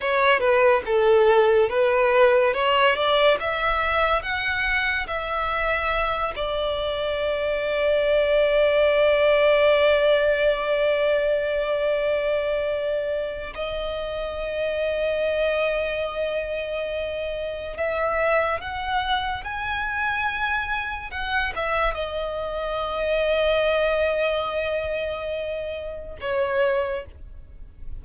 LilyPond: \new Staff \with { instrumentName = "violin" } { \time 4/4 \tempo 4 = 71 cis''8 b'8 a'4 b'4 cis''8 d''8 | e''4 fis''4 e''4. d''8~ | d''1~ | d''1 |
dis''1~ | dis''4 e''4 fis''4 gis''4~ | gis''4 fis''8 e''8 dis''2~ | dis''2. cis''4 | }